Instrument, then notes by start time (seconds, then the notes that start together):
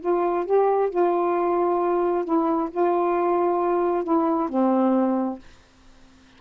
saxophone
0.00 F4
0.45 G4
0.90 F4
2.24 E4
2.70 F4
4.04 E4
4.48 C4